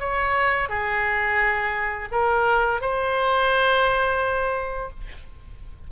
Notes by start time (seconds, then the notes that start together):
0.00 C#5
0.69 G#4
2.12 A#4
2.81 C5